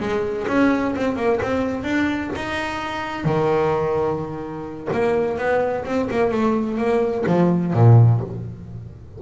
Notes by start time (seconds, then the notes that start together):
0.00 G#3
0.48 C#4
0.96 C4
1.17 A#3
1.42 C4
1.84 D4
2.36 D#4
3.25 D#3
4.93 A#3
5.38 B3
5.85 C4
6.11 A#3
6.32 A3
6.78 A#3
7.27 F3
7.74 A#2